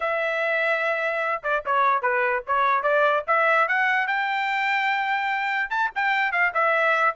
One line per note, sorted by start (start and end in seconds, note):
0.00 1.42 E5
1.43 1.63 D5
1.65 2.02 C#5
2.02 2.42 B4
2.46 2.83 C#5
2.83 3.23 D5
3.27 3.67 E5
3.68 4.07 F#5
4.07 5.69 G5
5.69 5.90 A5
5.95 6.32 G5
6.32 6.52 F5
6.54 7.15 E5